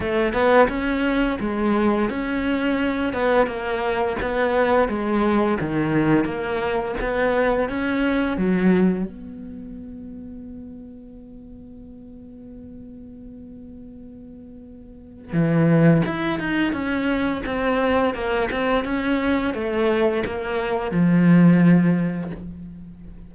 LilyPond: \new Staff \with { instrumentName = "cello" } { \time 4/4 \tempo 4 = 86 a8 b8 cis'4 gis4 cis'4~ | cis'8 b8 ais4 b4 gis4 | dis4 ais4 b4 cis'4 | fis4 b2.~ |
b1~ | b2 e4 e'8 dis'8 | cis'4 c'4 ais8 c'8 cis'4 | a4 ais4 f2 | }